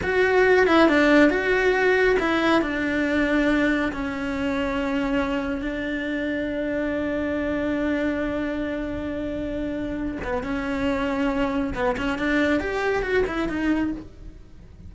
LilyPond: \new Staff \with { instrumentName = "cello" } { \time 4/4 \tempo 4 = 138 fis'4. e'8 d'4 fis'4~ | fis'4 e'4 d'2~ | d'4 cis'2.~ | cis'4 d'2.~ |
d'1~ | d'2.~ d'8 b8 | cis'2. b8 cis'8 | d'4 g'4 fis'8 e'8 dis'4 | }